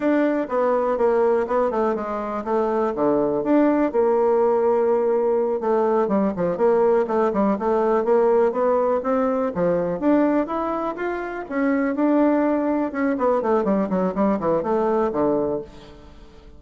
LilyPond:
\new Staff \with { instrumentName = "bassoon" } { \time 4/4 \tempo 4 = 123 d'4 b4 ais4 b8 a8 | gis4 a4 d4 d'4 | ais2.~ ais8 a8~ | a8 g8 f8 ais4 a8 g8 a8~ |
a8 ais4 b4 c'4 f8~ | f8 d'4 e'4 f'4 cis'8~ | cis'8 d'2 cis'8 b8 a8 | g8 fis8 g8 e8 a4 d4 | }